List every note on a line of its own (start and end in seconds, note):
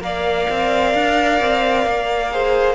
0.00 0.47 A#3
0.00 2.31 A#4
0.00 2.33 D5
0.00 2.75 F5
0.50 0.94 C4
0.94 1.40 D4
1.40 1.86 C4
1.86 2.75 A#3
2.31 2.75 G#4
2.31 2.75 C5